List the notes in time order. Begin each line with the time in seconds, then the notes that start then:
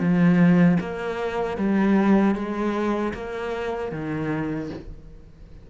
0.00 F3
0.81 A#3
1.58 G3
2.36 G#3
3.14 A#3
3.92 D#3